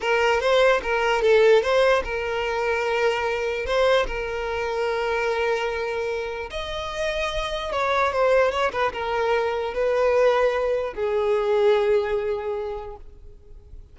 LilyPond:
\new Staff \with { instrumentName = "violin" } { \time 4/4 \tempo 4 = 148 ais'4 c''4 ais'4 a'4 | c''4 ais'2.~ | ais'4 c''4 ais'2~ | ais'1 |
dis''2. cis''4 | c''4 cis''8 b'8 ais'2 | b'2. gis'4~ | gis'1 | }